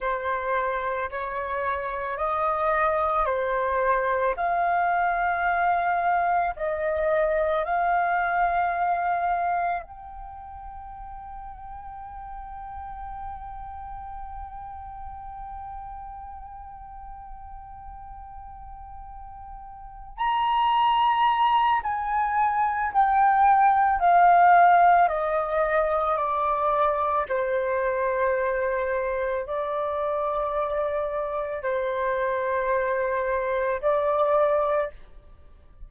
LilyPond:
\new Staff \with { instrumentName = "flute" } { \time 4/4 \tempo 4 = 55 c''4 cis''4 dis''4 c''4 | f''2 dis''4 f''4~ | f''4 g''2.~ | g''1~ |
g''2~ g''8 ais''4. | gis''4 g''4 f''4 dis''4 | d''4 c''2 d''4~ | d''4 c''2 d''4 | }